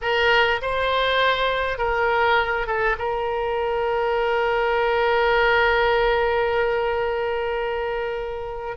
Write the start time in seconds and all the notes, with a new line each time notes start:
0.01 A#4
0.61 C5
1.77 A#4
2.67 A4
2.98 A#4